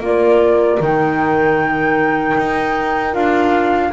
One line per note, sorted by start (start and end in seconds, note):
0.00 0.78 A#3
0.00 0.80 F4
0.00 3.93 A#4
0.00 0.82 D5
0.80 2.36 D#3
0.80 3.12 D#4
0.80 3.14 G5
2.37 3.14 D#4
3.12 3.92 D4
3.12 3.90 F4
3.12 3.92 F5